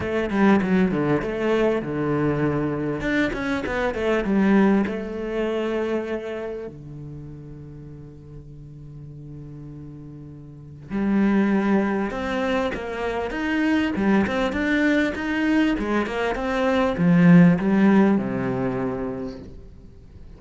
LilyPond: \new Staff \with { instrumentName = "cello" } { \time 4/4 \tempo 4 = 99 a8 g8 fis8 d8 a4 d4~ | d4 d'8 cis'8 b8 a8 g4 | a2. d4~ | d1~ |
d2 g2 | c'4 ais4 dis'4 g8 c'8 | d'4 dis'4 gis8 ais8 c'4 | f4 g4 c2 | }